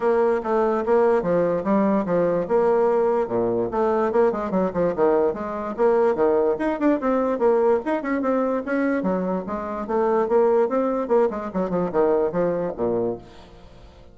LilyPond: \new Staff \with { instrumentName = "bassoon" } { \time 4/4 \tempo 4 = 146 ais4 a4 ais4 f4 | g4 f4 ais2 | ais,4 a4 ais8 gis8 fis8 f8 | dis4 gis4 ais4 dis4 |
dis'8 d'8 c'4 ais4 dis'8 cis'8 | c'4 cis'4 fis4 gis4 | a4 ais4 c'4 ais8 gis8 | fis8 f8 dis4 f4 ais,4 | }